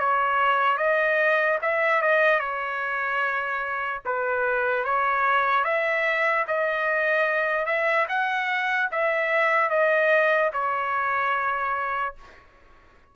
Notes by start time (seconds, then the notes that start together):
0.00 C#5
0.78 D#5
1.62 E5
2.02 D#5
2.40 C#5
4.05 B4
4.85 C#5
5.65 E5
6.48 D#5
7.66 E5
8.09 F#5
8.92 E5
9.70 D#5
10.53 C#5